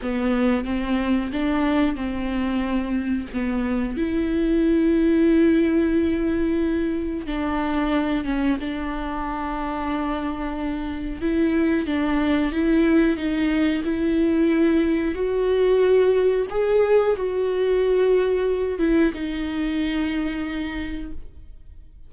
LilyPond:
\new Staff \with { instrumentName = "viola" } { \time 4/4 \tempo 4 = 91 b4 c'4 d'4 c'4~ | c'4 b4 e'2~ | e'2. d'4~ | d'8 cis'8 d'2.~ |
d'4 e'4 d'4 e'4 | dis'4 e'2 fis'4~ | fis'4 gis'4 fis'2~ | fis'8 e'8 dis'2. | }